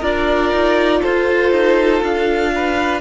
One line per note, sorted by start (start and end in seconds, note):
0.00 0.52 D4
0.00 3.00 F4
0.00 1.00 A#4
0.00 1.02 D5
0.52 1.02 D#4
1.02 1.51 F4
1.02 2.52 A4
1.02 2.02 C5
1.51 2.01 D#4
2.02 3.00 D4
2.02 3.00 F5
2.55 3.00 B4